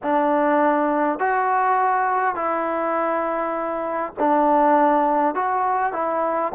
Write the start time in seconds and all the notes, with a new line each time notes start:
0.02 D4
1.19 F#4
2.35 E4
4.19 D4
5.34 F#4
5.92 E4